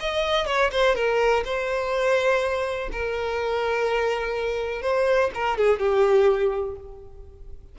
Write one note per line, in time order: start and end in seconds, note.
0.00 0.47 D#5
0.47 0.71 C#5
0.72 0.95 C5
0.95 1.44 A#4
1.45 2.90 C5
2.92 4.82 A#4
4.82 5.30 C5
5.35 5.58 A#4
5.58 5.79 G#4
5.79 6.76 G4